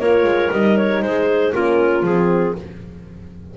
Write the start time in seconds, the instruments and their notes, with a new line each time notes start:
0.00 double bass A#3, horn F4, clarinet A#4 C#5
0.24 double bass G#3
0.52 double bass G3, horn D#4, clarinet D#5
0.78 clarinet C#5
1.03 double bass G#3, clarinet G#4 C5
1.54 double bass A#3, horn C#4, clarinet F4 A#4
2.03 double bass F3, horn C4, clarinet G#4